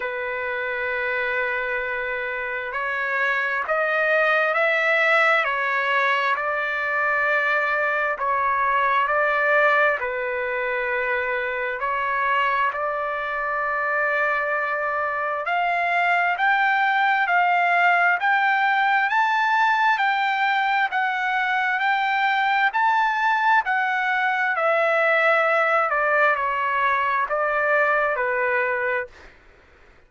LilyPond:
\new Staff \with { instrumentName = "trumpet" } { \time 4/4 \tempo 4 = 66 b'2. cis''4 | dis''4 e''4 cis''4 d''4~ | d''4 cis''4 d''4 b'4~ | b'4 cis''4 d''2~ |
d''4 f''4 g''4 f''4 | g''4 a''4 g''4 fis''4 | g''4 a''4 fis''4 e''4~ | e''8 d''8 cis''4 d''4 b'4 | }